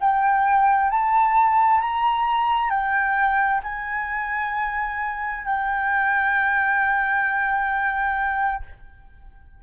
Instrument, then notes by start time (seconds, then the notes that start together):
flute
0.00 G5
0.90 A5
1.81 A#5
2.70 G5
3.63 G#5
5.45 G5